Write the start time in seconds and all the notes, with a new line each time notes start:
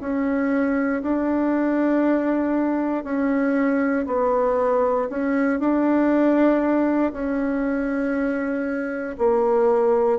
0.00 C#4
1.02 D4
3.03 C#4
4.06 B3
5.09 C#4
5.59 D4
7.12 C#4
9.18 A#3